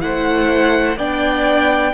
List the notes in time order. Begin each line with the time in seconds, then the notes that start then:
0.00 A3 E4 C5 F#5
0.97 B3 D4 D5 G5